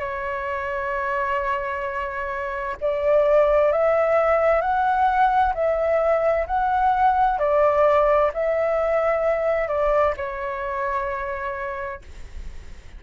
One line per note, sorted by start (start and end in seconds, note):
0.00 2.77 C#5
2.81 3.72 D5
3.72 4.61 E5
4.61 5.53 F#5
5.54 6.47 E5
6.47 7.39 F#5
7.39 8.31 D5
8.34 9.68 E5
9.68 10.14 D5
10.17 12.02 C#5